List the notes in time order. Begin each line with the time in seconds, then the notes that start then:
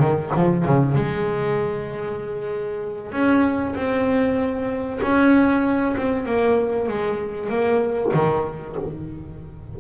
0.00 D#3
0.36 F3
0.65 C#3
0.95 G#3
3.12 C#4
3.75 C4
5.02 C#4
5.97 C4
6.26 A#3
6.89 G#3
7.50 A#3
8.14 D#3